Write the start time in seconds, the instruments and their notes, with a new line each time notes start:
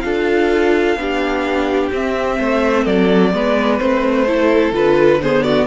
0.00 cello D4, viola F4, violin A4 F5
0.96 cello B3, viola D4, violin G4
1.92 cello C4, viola C4, violin E5
2.39 cello A3, violin C5
2.84 cello F#3, violin A4 D5
3.33 cello G#3, viola B3, violin B4
3.79 cello A3, viola C4, violin C5
4.27 viola E4, violin A4
4.72 cello D3, viola F4, violin B4
5.22 viola B3, violin G#4 C5
5.43 violin F#4 D5